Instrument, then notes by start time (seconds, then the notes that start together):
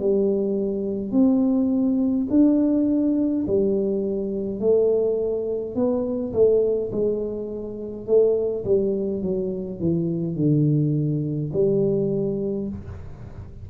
tuba
0.00 G3
1.12 C4
2.30 D4
3.48 G3
4.60 A3
5.75 B3
6.34 A3
6.92 G#3
8.07 A3
8.65 G3
9.23 F#3
9.80 E3
10.36 D3
11.53 G3